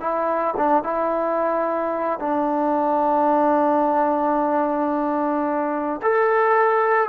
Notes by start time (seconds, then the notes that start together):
0.00 E4
0.57 D4
0.83 E4
2.19 D4
6.02 A4